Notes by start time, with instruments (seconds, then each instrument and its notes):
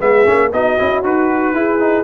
0.00 tuba G#3, trombone B3, horn G#4, trumpet E5
0.26 tuba A#3, trombone C#4
0.53 tuba B3, trombone D#4, horn F#4, trumpet D#5
0.79 tuba C#4, trombone E4
1.03 tuba D#4, trombone F#4, trumpet B4
1.54 tuba E4, trombone E4, horn G#4
1.80 trombone D#4